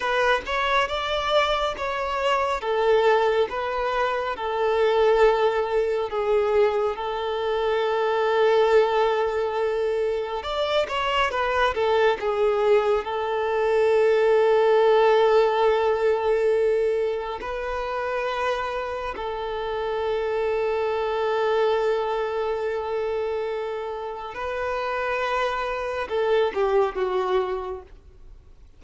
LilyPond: \new Staff \with { instrumentName = "violin" } { \time 4/4 \tempo 4 = 69 b'8 cis''8 d''4 cis''4 a'4 | b'4 a'2 gis'4 | a'1 | d''8 cis''8 b'8 a'8 gis'4 a'4~ |
a'1 | b'2 a'2~ | a'1 | b'2 a'8 g'8 fis'4 | }